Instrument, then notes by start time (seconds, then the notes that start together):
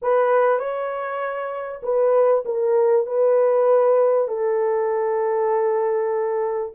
horn
0.01 B4
0.59 C#5
1.83 B4
2.45 A#4
3.06 B4
4.27 A4